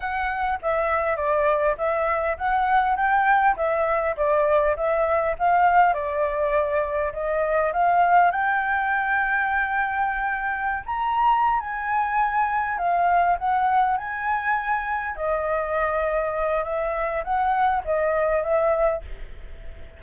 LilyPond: \new Staff \with { instrumentName = "flute" } { \time 4/4 \tempo 4 = 101 fis''4 e''4 d''4 e''4 | fis''4 g''4 e''4 d''4 | e''4 f''4 d''2 | dis''4 f''4 g''2~ |
g''2~ g''16 ais''4~ ais''16 gis''8~ | gis''4. f''4 fis''4 gis''8~ | gis''4. dis''2~ dis''8 | e''4 fis''4 dis''4 e''4 | }